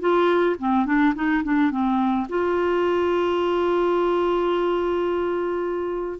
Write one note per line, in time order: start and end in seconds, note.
0.00 0.56 F4
0.59 0.86 C4
0.86 1.14 D4
1.15 1.43 D#4
1.44 1.71 D4
1.71 2.27 C4
2.29 6.19 F4